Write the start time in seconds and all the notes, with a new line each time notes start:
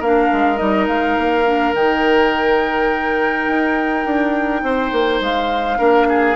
0.00 A#3 D4 A#4 F5
0.32 G#3
0.57 G3 D#4 D#5
0.87 G#3 F5
1.18 A#3
1.45 D4
1.74 D#3 D#4 G5
3.47 D#4
4.05 D4
4.63 C4 C5
4.92 A#3
5.20 G#3 F5
5.78 A#3 D4 A#4
6.09 G#4